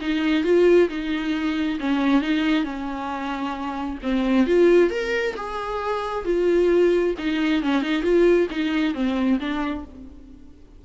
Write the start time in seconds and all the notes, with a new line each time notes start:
0.00 D#4
0.43 F4
0.89 D#4
1.79 C#4
2.21 D#4
2.63 C#4
4.02 C4
4.46 F4
4.90 A#4
5.36 G#4
6.25 F4
7.18 D#4
7.62 C#4
7.82 D#4
8.03 F4
8.50 D#4
8.94 C4
9.39 D4